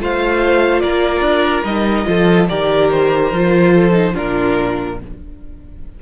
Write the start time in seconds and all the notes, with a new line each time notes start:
0.00 A3 F4 C5 F5
0.81 A#3 A#4 D5
1.21 D4
1.64 G3 D#4 D#5
2.05 F3 F4 A4
2.49 D#3 G4 A#4 D5
2.91 C5
3.32 F3 F4
3.74 A4
3.93 D#4
4.14 A#2 D4 F4 A#4